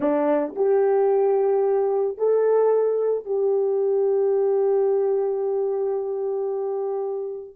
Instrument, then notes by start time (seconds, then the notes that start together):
horn
0.00 D4
0.55 G4
2.17 A4
3.25 G4